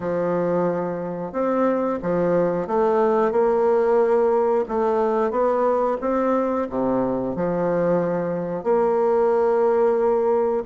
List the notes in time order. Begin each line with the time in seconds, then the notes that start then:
0.00 F3
1.32 C4
2.02 F3
2.67 A3
3.31 A#3
4.68 A3
5.30 B3
6.00 C4
6.69 C3
7.35 F3
8.63 A#3